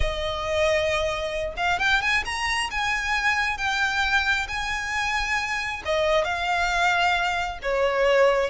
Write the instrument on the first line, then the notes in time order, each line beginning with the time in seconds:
violin
0.00 D#5
1.56 F5
1.79 G5
2.01 G#5
2.25 A#5
2.70 G#5
3.57 G5
4.48 G#5
5.85 D#5
6.24 F5
7.62 C#5